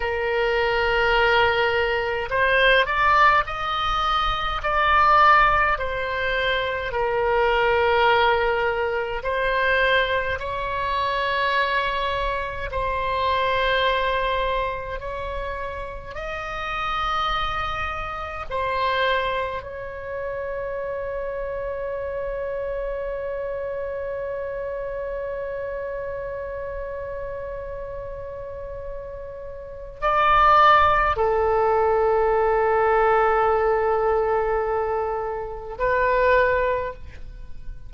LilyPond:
\new Staff \with { instrumentName = "oboe" } { \time 4/4 \tempo 4 = 52 ais'2 c''8 d''8 dis''4 | d''4 c''4 ais'2 | c''4 cis''2 c''4~ | c''4 cis''4 dis''2 |
c''4 cis''2.~ | cis''1~ | cis''2 d''4 a'4~ | a'2. b'4 | }